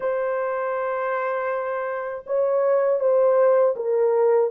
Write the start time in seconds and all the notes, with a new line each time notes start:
0.00 C5
2.26 C#5
3.00 C5
3.76 A#4